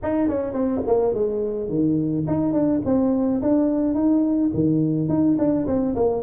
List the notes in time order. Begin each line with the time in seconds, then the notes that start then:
0.03 D#4
0.28 C#4
0.53 C4
0.86 A#3
1.13 G#3
1.69 D#3
2.27 D#4
2.52 D4
2.85 C4
3.42 D4
3.94 D#4
4.53 D#3
5.08 D#4
5.38 D4
5.67 C4
5.95 A#3